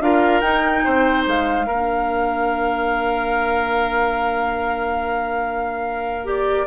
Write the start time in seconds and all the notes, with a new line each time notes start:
0.00 D4 F4 A#4 F5
0.40 D#4 G5
0.84 C4 C5
1.26 G#3 F5
1.66 A#3 D4 A#4
6.24 G4 D5